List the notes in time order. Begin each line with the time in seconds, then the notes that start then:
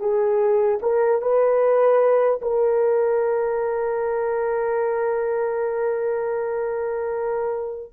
0.00 G#4
0.82 A#4
1.22 B4
2.42 A#4